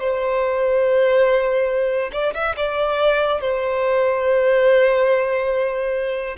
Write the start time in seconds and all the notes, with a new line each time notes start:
0.00 C5
2.13 D5
2.35 E5
2.57 D5
3.41 C5